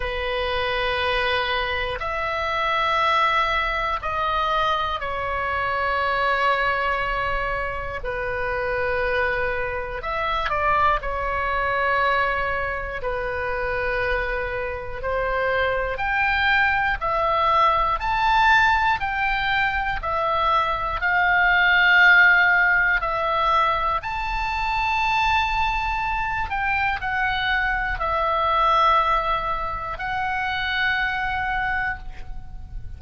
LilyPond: \new Staff \with { instrumentName = "oboe" } { \time 4/4 \tempo 4 = 60 b'2 e''2 | dis''4 cis''2. | b'2 e''8 d''8 cis''4~ | cis''4 b'2 c''4 |
g''4 e''4 a''4 g''4 | e''4 f''2 e''4 | a''2~ a''8 g''8 fis''4 | e''2 fis''2 | }